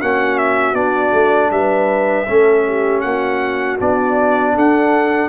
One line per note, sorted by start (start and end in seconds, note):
0.00 0.73 A#3
0.00 0.74 C#4
0.00 1.52 F#4
0.00 0.38 F#5
0.38 0.75 E5
0.73 1.11 B3
0.73 2.26 D4
0.73 1.51 D5
1.12 1.50 A3
1.51 2.27 G3
1.51 2.27 B4
1.51 3.00 E5
2.27 3.04 A3
2.27 3.79 C#4
2.27 2.65 A4
2.66 3.04 G4
3.00 3.80 A#3
3.00 4.54 F#4
3.00 3.76 F#5
3.79 4.56 B3
3.79 5.29 D4
3.79 4.57 D5
4.54 5.29 D4
4.54 5.29 A4
4.54 5.29 F#5